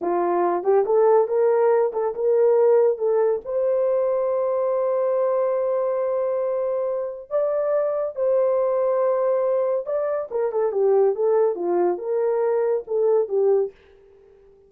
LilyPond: \new Staff \with { instrumentName = "horn" } { \time 4/4 \tempo 4 = 140 f'4. g'8 a'4 ais'4~ | ais'8 a'8 ais'2 a'4 | c''1~ | c''1~ |
c''4 d''2 c''4~ | c''2. d''4 | ais'8 a'8 g'4 a'4 f'4 | ais'2 a'4 g'4 | }